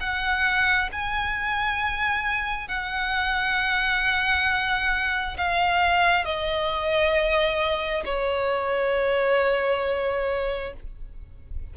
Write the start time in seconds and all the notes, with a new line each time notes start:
0.00 F#5
0.92 G#5
2.68 F#5
5.38 F5
6.25 D#5
8.05 C#5